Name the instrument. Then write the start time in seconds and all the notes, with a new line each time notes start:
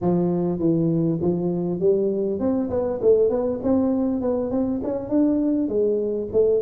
tuba
0.01 F3
0.59 E3
1.21 F3
1.79 G3
2.39 C4
2.70 B3
3.01 A3
3.29 B3
3.63 C4
4.21 B3
4.50 C4
4.83 C#4
5.09 D4
5.68 G#3
6.32 A3